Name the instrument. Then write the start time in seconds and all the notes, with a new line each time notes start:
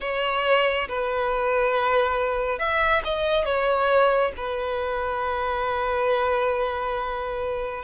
violin
0.00 C#5
0.88 B4
2.58 E5
3.04 D#5
3.45 C#5
4.37 B4